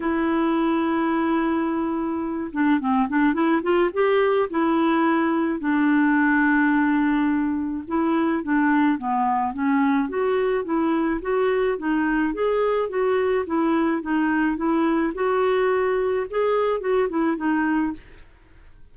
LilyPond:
\new Staff \with { instrumentName = "clarinet" } { \time 4/4 \tempo 4 = 107 e'1~ | e'8 d'8 c'8 d'8 e'8 f'8 g'4 | e'2 d'2~ | d'2 e'4 d'4 |
b4 cis'4 fis'4 e'4 | fis'4 dis'4 gis'4 fis'4 | e'4 dis'4 e'4 fis'4~ | fis'4 gis'4 fis'8 e'8 dis'4 | }